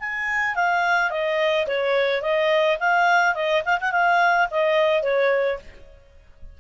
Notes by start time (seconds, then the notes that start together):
0.00 G#5
0.55 F5
1.11 D#5
1.67 C#5
2.22 D#5
2.80 F5
3.35 D#5
3.66 F5
3.81 F#5
3.92 F5
4.51 D#5
5.03 C#5